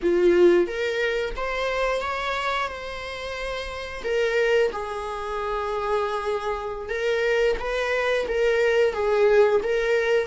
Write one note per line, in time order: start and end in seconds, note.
0.02 0.67 F4
0.67 1.35 A#4
1.36 2.01 C5
2.01 2.68 C#5
2.68 4.03 C5
4.04 4.71 A#4
4.72 6.89 G#4
6.89 7.56 A#4
7.59 8.26 B4
8.27 8.93 A#4
8.93 9.61 G#4
9.63 10.26 A#4